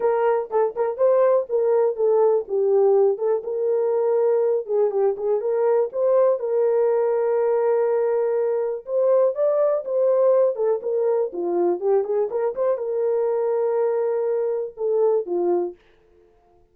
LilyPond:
\new Staff \with { instrumentName = "horn" } { \time 4/4 \tempo 4 = 122 ais'4 a'8 ais'8 c''4 ais'4 | a'4 g'4. a'8 ais'4~ | ais'4. gis'8 g'8 gis'8 ais'4 | c''4 ais'2.~ |
ais'2 c''4 d''4 | c''4. a'8 ais'4 f'4 | g'8 gis'8 ais'8 c''8 ais'2~ | ais'2 a'4 f'4 | }